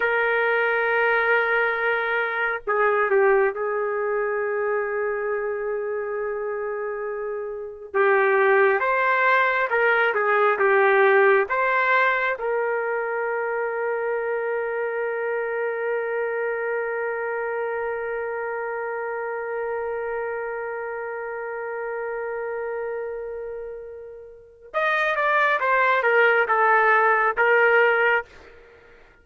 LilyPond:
\new Staff \with { instrumentName = "trumpet" } { \time 4/4 \tempo 4 = 68 ais'2. gis'8 g'8 | gis'1~ | gis'4 g'4 c''4 ais'8 gis'8 | g'4 c''4 ais'2~ |
ais'1~ | ais'1~ | ais'1 | dis''8 d''8 c''8 ais'8 a'4 ais'4 | }